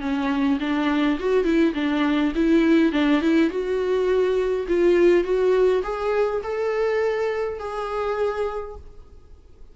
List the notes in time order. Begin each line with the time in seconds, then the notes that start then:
0.00 C#4
0.60 D4
1.19 F#4
1.44 E4
1.74 D4
2.35 E4
2.92 D4
3.21 E4
3.50 F#4
4.68 F4
5.23 F#4
5.83 G#4
6.43 A4
7.59 G#4